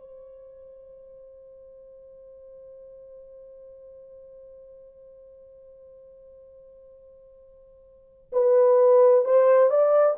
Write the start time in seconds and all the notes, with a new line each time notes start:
0.00 C5
8.32 B4
9.25 C5
9.70 D5